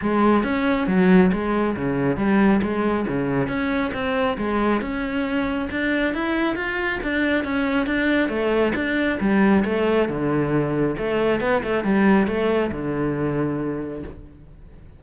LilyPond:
\new Staff \with { instrumentName = "cello" } { \time 4/4 \tempo 4 = 137 gis4 cis'4 fis4 gis4 | cis4 g4 gis4 cis4 | cis'4 c'4 gis4 cis'4~ | cis'4 d'4 e'4 f'4 |
d'4 cis'4 d'4 a4 | d'4 g4 a4 d4~ | d4 a4 b8 a8 g4 | a4 d2. | }